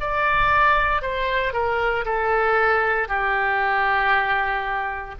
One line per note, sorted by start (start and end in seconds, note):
0.00 1.02 D5
1.02 1.52 C5
1.52 2.04 A#4
2.05 3.08 A4
3.08 5.15 G4